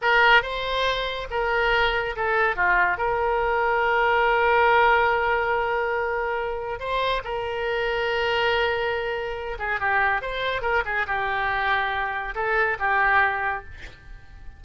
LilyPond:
\new Staff \with { instrumentName = "oboe" } { \time 4/4 \tempo 4 = 141 ais'4 c''2 ais'4~ | ais'4 a'4 f'4 ais'4~ | ais'1~ | ais'1 |
c''4 ais'2.~ | ais'2~ ais'8 gis'8 g'4 | c''4 ais'8 gis'8 g'2~ | g'4 a'4 g'2 | }